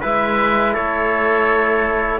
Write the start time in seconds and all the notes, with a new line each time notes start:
0.00 G#3 E4 B4 E5
0.73 A3 A4 C#5